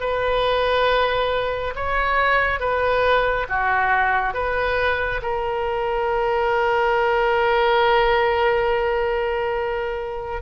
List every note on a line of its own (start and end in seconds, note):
0.00 1.74 B4
1.75 2.60 C#5
2.60 3.47 B4
3.49 4.34 F#4
4.34 5.21 B4
5.22 10.42 A#4